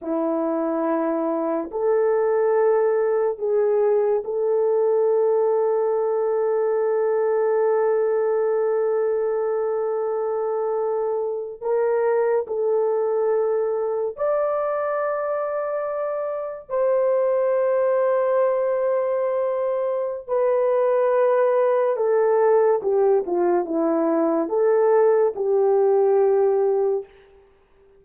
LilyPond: \new Staff \with { instrumentName = "horn" } { \time 4/4 \tempo 4 = 71 e'2 a'2 | gis'4 a'2.~ | a'1~ | a'4.~ a'16 ais'4 a'4~ a'16~ |
a'8. d''2. c''16~ | c''1 | b'2 a'4 g'8 f'8 | e'4 a'4 g'2 | }